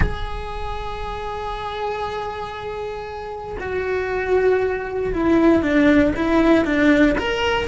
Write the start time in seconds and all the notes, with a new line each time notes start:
0.00 G#4
3.59 F#4
5.13 E4
5.62 D4
6.16 E4
6.64 D4
7.18 A#4